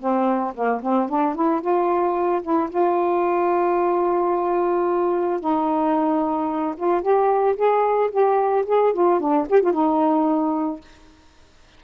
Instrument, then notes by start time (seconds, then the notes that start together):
saxophone
0.00 C4
0.55 A#3
0.83 C4
1.10 D4
1.35 E4
1.61 F4
2.43 E4
2.70 F4
5.41 D#4
6.77 F4
7.02 G4
7.57 G#4
8.12 G4
8.67 G#4
8.94 F4
9.21 D4
9.49 G4
9.63 F4
9.73 D#4